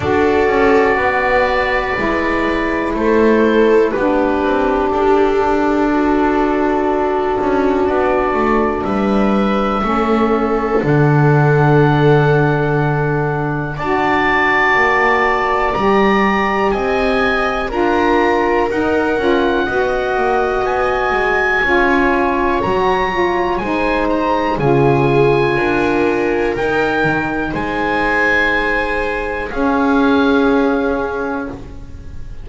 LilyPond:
<<
  \new Staff \with { instrumentName = "oboe" } { \time 4/4 \tempo 4 = 61 d''2. c''4 | b'4 a'2. | d''4 e''2 fis''4~ | fis''2 a''2 |
ais''4 gis''4 ais''4 fis''4~ | fis''4 gis''2 ais''4 | gis''8 ais''8 gis''2 g''4 | gis''2 f''2 | }
  \new Staff \with { instrumentName = "viola" } { \time 4/4 a'4 b'2 a'4 | g'2 fis'2~ | fis'4 b'4 a'2~ | a'2 d''2~ |
d''4 dis''4 ais'2 | dis''2 cis''2 | c''4 gis'4 ais'2 | c''2 gis'2 | }
  \new Staff \with { instrumentName = "saxophone" } { \time 4/4 fis'2 e'2 | d'1~ | d'2 cis'4 d'4~ | d'2 fis'2 |
g'2 f'4 dis'8 f'8 | fis'2 f'4 fis'8 f'8 | dis'4 f'2 dis'4~ | dis'2 cis'2 | }
  \new Staff \with { instrumentName = "double bass" } { \time 4/4 d'8 cis'8 b4 gis4 a4 | b8 c'8 d'2~ d'8 cis'8 | b8 a8 g4 a4 d4~ | d2 d'4 ais4 |
g4 c'4 d'4 dis'8 cis'8 | b8 ais8 b8 gis8 cis'4 fis4 | gis4 cis4 d'4 dis'8 dis8 | gis2 cis'2 | }
>>